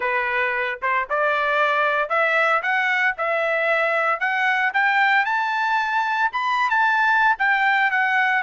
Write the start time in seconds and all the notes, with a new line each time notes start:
0.00 B4
0.82 C5
1.09 D5
2.09 E5
2.62 F#5
3.17 E5
4.20 F#5
4.73 G5
5.25 A5
6.32 B5
6.70 A5
7.38 G5
7.91 F#5